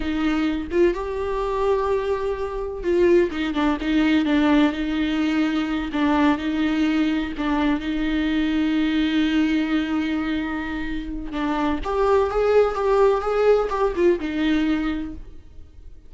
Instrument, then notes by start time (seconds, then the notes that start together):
viola
0.00 D#4
0.71 F4
0.94 G4
2.83 F4
3.31 D#4
3.53 D4
3.80 D#4
4.25 D4
4.72 D#4
5.92 D4
6.38 D#4
7.37 D4
7.80 D#4
11.31 D4
11.84 G4
12.30 G#4
12.74 G4
13.21 G#4
13.69 G4
13.95 F4
14.19 D#4